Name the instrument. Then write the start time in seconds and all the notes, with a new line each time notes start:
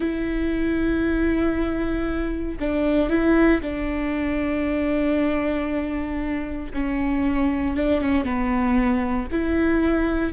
viola
0.00 E4
2.59 D4
3.09 E4
3.61 D4
6.73 C#4
7.76 D4
8.01 C#4
8.24 B3
9.31 E4